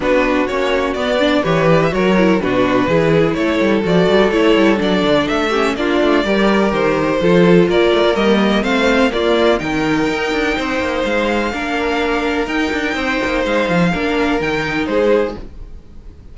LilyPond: <<
  \new Staff \with { instrumentName = "violin" } { \time 4/4 \tempo 4 = 125 b'4 cis''4 d''4 cis''8 d''16 e''16 | cis''4 b'2 cis''4 | d''4 cis''4 d''4 e''4 | d''2 c''2 |
d''4 dis''4 f''4 d''4 | g''2. f''4~ | f''2 g''2 | f''2 g''4 c''4 | }
  \new Staff \with { instrumentName = "violin" } { \time 4/4 fis'2~ fis'8 d''8 b'4 | ais'4 fis'4 gis'4 a'4~ | a'2.~ a'8 g'8 | f'4 ais'2 a'4 |
ais'2 c''4 f'4 | ais'2 c''2 | ais'2. c''4~ | c''4 ais'2 gis'4 | }
  \new Staff \with { instrumentName = "viola" } { \time 4/4 d'4 cis'4 b8 d'8 g'4 | fis'8 e'8 d'4 e'2 | fis'4 e'4 d'4. cis'8 | d'4 g'2 f'4~ |
f'4 ais4 c'4 ais4 | dis'1 | d'2 dis'2~ | dis'4 d'4 dis'2 | }
  \new Staff \with { instrumentName = "cello" } { \time 4/4 b4 ais4 b4 e4 | fis4 b,4 e4 a8 g8 | f8 g8 a8 g8 fis8 d8 a4 | ais8 a8 g4 dis4 f4 |
ais8 a16 ais16 g4 a4 ais4 | dis4 dis'8 d'8 c'8 ais8 gis4 | ais2 dis'8 d'8 c'8 ais8 | gis8 f8 ais4 dis4 gis4 | }
>>